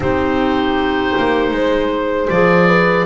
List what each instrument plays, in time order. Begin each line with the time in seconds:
0.00 double bass C4, clarinet D#4, horn G4, oboe C5
1.17 double bass A#3
1.51 double bass G#3, horn C5
2.29 double bass F3, clarinet G#4, oboe D5
2.67 horn B4